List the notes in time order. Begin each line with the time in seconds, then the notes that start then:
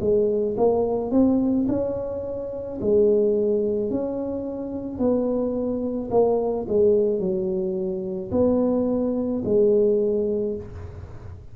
0.00 G#3
0.57 A#3
1.11 C4
1.68 C#4
2.81 G#3
3.90 C#4
4.98 B3
6.11 A#3
6.69 G#3
7.20 F#3
8.31 B3
9.44 G#3